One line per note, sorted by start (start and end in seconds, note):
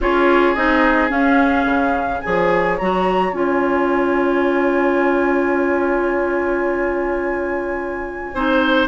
0.00 0.56 C#4
0.00 0.56 F4
0.00 2.24 G#4
0.00 0.54 C#5
0.54 1.11 C4
0.54 1.09 D#4
0.54 1.10 D#5
1.09 2.20 C#4
1.09 1.65 C#4
1.09 2.20 F5
1.65 2.20 C#3
2.20 2.80 F3
2.20 2.79 G#4
2.20 8.34 C#5
2.20 2.76 G#5
2.78 3.31 F#3
2.78 3.32 F#4
2.78 3.33 A#5
3.31 8.31 C#4
3.31 8.32 F4
3.31 8.87 G#5
8.34 8.87 C4
8.34 8.87 D#4
8.34 8.87 C5